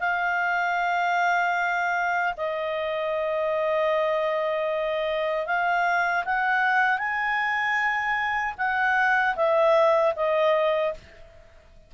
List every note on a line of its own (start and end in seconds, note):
0.00 2.34 F5
2.37 5.46 D#5
5.46 6.24 F5
6.25 6.98 F#5
6.98 8.54 G#5
8.57 9.35 F#5
9.36 10.14 E5
10.16 10.94 D#5